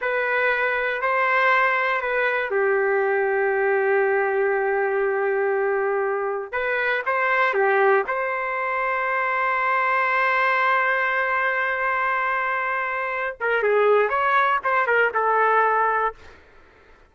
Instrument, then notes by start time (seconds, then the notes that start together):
trumpet
0.01 B4
1.01 C5
2.01 B4
2.50 G4
6.52 B4
7.06 C5
7.53 G4
8.07 C5
13.40 A#4
13.62 G#4
14.09 C#5
14.64 C5
14.86 A#4
15.14 A4